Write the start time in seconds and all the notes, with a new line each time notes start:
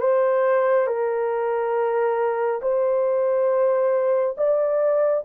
0.00 C5
0.87 A#4
2.62 C5
4.37 D5